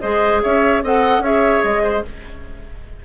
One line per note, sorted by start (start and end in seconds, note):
0.00 0.43 G#3
0.00 0.83 G#4
0.00 0.42 C5
0.00 0.41 D#5
0.43 0.83 C#4
0.43 0.83 C#5
0.43 0.84 E5
0.83 1.19 C4
0.83 1.24 A4
0.83 1.23 D#5
0.83 1.24 F#5
1.19 1.60 C#4
1.19 2.05 G#4
1.19 1.82 C#5
1.19 1.64 E5
1.64 2.04 G#3
1.64 2.04 D#5
1.82 2.03 C5